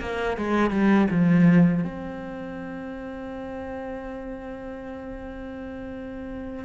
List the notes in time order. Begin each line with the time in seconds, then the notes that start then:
0.00 A#3
0.37 G#3
0.70 G3
1.11 F3
1.84 C4